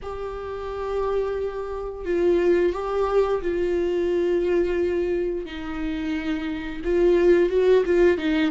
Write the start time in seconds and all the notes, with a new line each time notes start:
0.02 G4
2.05 F4
2.72 G4
3.41 F4
5.45 D#4
6.84 F4
7.49 F#4
7.85 F4
8.17 D#4